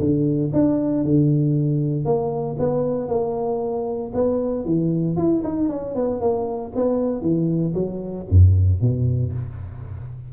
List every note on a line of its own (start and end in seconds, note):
0.00 0.52 D3
0.53 1.05 D4
1.05 2.05 D3
2.05 2.57 A#3
2.59 3.09 B3
3.09 4.12 A#3
4.14 4.66 B3
4.66 5.17 E3
5.17 5.43 E4
5.44 5.70 D#4
5.70 5.96 C#4
5.96 6.21 B3
6.21 6.73 A#3
6.76 7.22 B3
7.22 7.74 E3
7.75 8.26 F#3
8.30 8.81 F#2
8.81 9.33 B2